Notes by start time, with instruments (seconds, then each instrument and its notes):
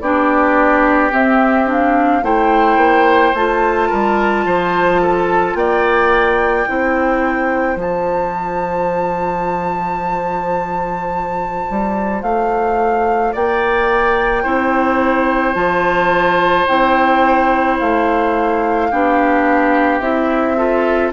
0.00 bassoon B3, clarinet D4, oboe G4, flute D5
1.10 clarinet C4, bassoon C4, flute E5
1.66 clarinet D4, flute F5
2.22 bassoon A3, clarinet E4, oboe C5, flute G5
2.76 bassoon A#3
3.34 bassoon A3, clarinet F4, flute A5
3.88 bassoon G3, oboe A#4
4.45 bassoon F3, oboe C5
5.01 oboe A4
5.54 bassoon A#3, oboe D5, flute G5
6.66 bassoon C4, clarinet E4, oboe C5
7.76 bassoon F3, clarinet F4, flute A5
11.70 bassoon G3
12.22 bassoon A3, flute F5
13.32 bassoon A#3, oboe D5, flute G5
14.43 bassoon C4, clarinet E4, oboe C5
15.54 bassoon F3, clarinet F4, flute A5
16.67 bassoon C4, clarinet E4, flute G5
17.79 bassoon A3, flute F5
18.91 bassoon B3, clarinet D4, oboe G4
20.00 bassoon C4, clarinet E4, flute E5
20.56 clarinet F4, oboe A4